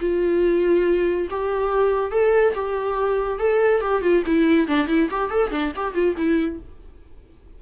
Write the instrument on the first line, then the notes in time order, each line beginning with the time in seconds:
viola
0.00 F4
1.30 G4
2.11 A4
2.55 G4
3.39 A4
3.81 G4
4.02 F4
4.26 E4
4.68 D4
4.87 E4
5.11 G4
5.30 A4
5.51 D4
5.76 G4
5.94 F4
6.17 E4